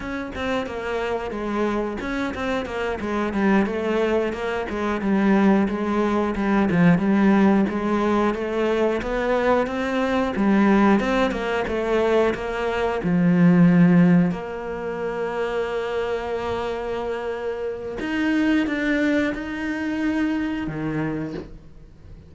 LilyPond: \new Staff \with { instrumentName = "cello" } { \time 4/4 \tempo 4 = 90 cis'8 c'8 ais4 gis4 cis'8 c'8 | ais8 gis8 g8 a4 ais8 gis8 g8~ | g8 gis4 g8 f8 g4 gis8~ | gis8 a4 b4 c'4 g8~ |
g8 c'8 ais8 a4 ais4 f8~ | f4. ais2~ ais8~ | ais2. dis'4 | d'4 dis'2 dis4 | }